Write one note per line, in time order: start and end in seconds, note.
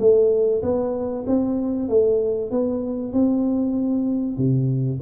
0.00 0.62 A3
0.63 1.25 B3
1.27 1.89 C4
1.89 2.51 A3
2.51 3.13 B3
3.13 4.38 C4
4.38 5.00 C3